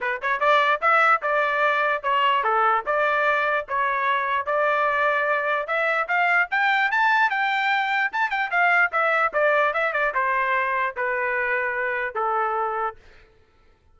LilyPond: \new Staff \with { instrumentName = "trumpet" } { \time 4/4 \tempo 4 = 148 b'8 cis''8 d''4 e''4 d''4~ | d''4 cis''4 a'4 d''4~ | d''4 cis''2 d''4~ | d''2 e''4 f''4 |
g''4 a''4 g''2 | a''8 g''8 f''4 e''4 d''4 | e''8 d''8 c''2 b'4~ | b'2 a'2 | }